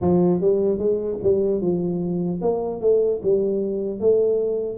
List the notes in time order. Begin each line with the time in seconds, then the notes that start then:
0.01 F3
0.40 G3
0.78 G#3
1.22 G3
1.61 F3
2.41 A#3
2.80 A3
3.22 G3
4.00 A3